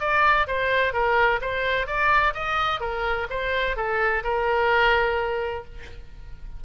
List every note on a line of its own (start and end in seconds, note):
0.00 0.47 D5
0.47 0.93 C5
0.93 1.40 A#4
1.41 1.87 C5
1.87 2.34 D5
2.34 2.80 D#5
2.80 3.27 A#4
3.30 3.76 C5
3.76 4.23 A4
4.24 5.64 A#4